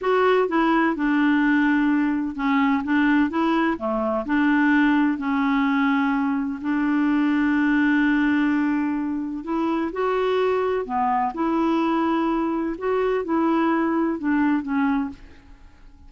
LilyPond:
\new Staff \with { instrumentName = "clarinet" } { \time 4/4 \tempo 4 = 127 fis'4 e'4 d'2~ | d'4 cis'4 d'4 e'4 | a4 d'2 cis'4~ | cis'2 d'2~ |
d'1 | e'4 fis'2 b4 | e'2. fis'4 | e'2 d'4 cis'4 | }